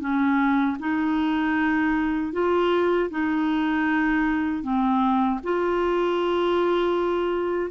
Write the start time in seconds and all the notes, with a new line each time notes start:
0.00 C#4
0.79 D#4
2.33 F4
3.10 D#4
4.63 C4
5.43 F4